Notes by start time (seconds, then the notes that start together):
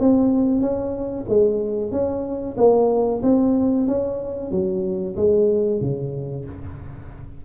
0.00 C4
0.61 C#4
1.29 G#3
1.91 C#4
2.57 A#3
3.23 C4
3.87 C#4
4.51 F#3
5.16 G#3
5.81 C#3